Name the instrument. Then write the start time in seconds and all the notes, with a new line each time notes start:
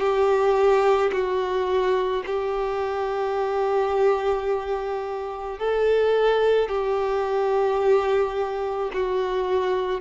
violin
0.00 G4
1.12 F#4
2.26 G4
5.59 A4
6.69 G4
8.93 F#4